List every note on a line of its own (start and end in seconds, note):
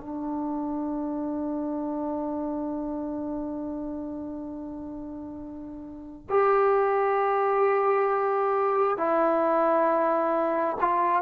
0.00 6.27 D4
6.29 8.97 G4
8.97 10.76 E4
10.80 11.22 F4